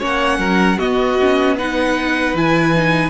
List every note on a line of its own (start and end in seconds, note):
0.00 0.39 A#3
0.00 0.79 C#4
0.00 0.39 C#5
0.00 0.79 F#5
0.39 0.78 F#3
0.39 0.78 A#4
0.78 1.19 B3
0.78 2.34 B3
0.78 1.56 F#4
0.78 1.57 D#5
1.21 1.59 C#4
1.57 2.37 D#4
1.57 3.11 B4
1.57 2.37 F#5
2.34 3.11 E3
2.34 2.75 E4
2.34 3.11 G#5
2.75 3.11 D#4